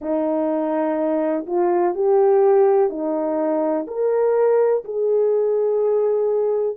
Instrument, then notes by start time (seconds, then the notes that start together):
horn
0.00 D#4
1.46 F4
1.94 G4
2.89 D#4
3.87 A#4
4.84 G#4